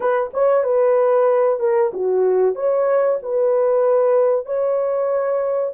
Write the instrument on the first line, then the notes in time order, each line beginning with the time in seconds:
horn
0.00 B4
0.33 C#5
0.63 B4
1.59 A#4
1.93 F#4
2.55 C#5
3.22 B4
4.45 C#5